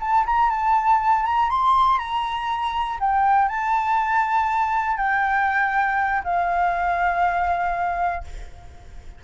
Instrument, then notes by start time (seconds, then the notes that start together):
flute
0.00 A5
0.26 A#5
0.50 A5
1.25 A#5
1.50 C6
1.99 A#5
3.00 G5
3.48 A5
4.97 G5
6.24 F5